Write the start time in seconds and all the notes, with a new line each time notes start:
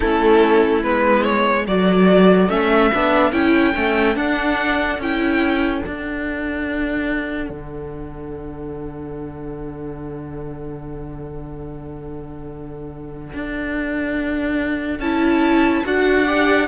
0.00 A3 C#4 E4 A4
0.83 G#3 B3 B4
1.23 C#5
1.65 F#3 F#4 A4 D5
2.49 A3 C#4 E5
2.94 B3 D4
3.31 C#4 E4 G5
3.74 A3 C#4
4.15 D4 F#5
4.98 C#4 E4 G5
5.82 D4 F#5
7.49 D3
13.33 D4
14.99 C#4 E4 A5
15.84 D4 F#4 F#5
16.23 G4 D5